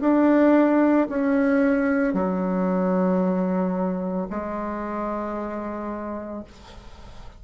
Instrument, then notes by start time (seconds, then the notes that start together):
bassoon
0.00 D4
1.09 C#4
2.13 F#3
4.30 G#3